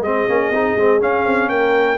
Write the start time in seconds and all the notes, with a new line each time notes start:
0.00 G#3 C4 G#4 D#5
0.28 A#3 C#4
0.50 C4 D#4
0.76 G#3 C4
0.99 C#4 F5
1.26 C4
1.49 A#3 A#4 G5